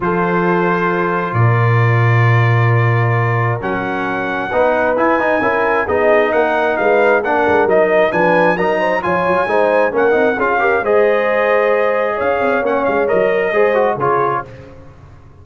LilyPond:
<<
  \new Staff \with { instrumentName = "trumpet" } { \time 4/4 \tempo 4 = 133 c''2. d''4~ | d''1 | fis''2. gis''4~ | gis''4 dis''4 fis''4 f''4 |
fis''4 dis''4 gis''4 ais''4 | gis''2 fis''4 f''4 | dis''2. f''4 | fis''8 f''8 dis''2 cis''4 | }
  \new Staff \with { instrumentName = "horn" } { \time 4/4 a'2. ais'4~ | ais'1~ | ais'2 b'2 | ais'4 gis'4 ais'4 b'4 |
ais'2 b'4 ais'8 c''8 | cis''4 c''4 ais'4 gis'8 ais'8 | c''2. cis''4~ | cis''2 c''4 gis'4 | }
  \new Staff \with { instrumentName = "trombone" } { \time 4/4 f'1~ | f'1 | cis'2 dis'4 e'8 dis'8 | e'4 dis'2. |
d'4 dis'4 d'4 dis'4 | f'4 dis'4 cis'8 dis'8 f'8 g'8 | gis'1 | cis'4 ais'4 gis'8 fis'8 f'4 | }
  \new Staff \with { instrumentName = "tuba" } { \time 4/4 f2. ais,4~ | ais,1 | fis2 b4 e'8 dis'8 | cis'4 b4 ais4 gis4 |
ais8 gis8 fis4 f4 fis4 | f8 fis8 gis4 ais8 c'8 cis'4 | gis2. cis'8 c'8 | ais8 gis8 fis4 gis4 cis4 | }
>>